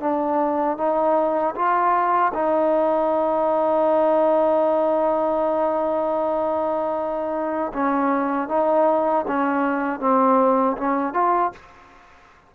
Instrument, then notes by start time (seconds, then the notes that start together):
trombone
0.00 D4
0.77 D#4
1.55 F4
2.34 D#4
7.73 C#4
8.48 D#4
9.27 C#4
9.99 C4
10.77 C#4
11.13 F4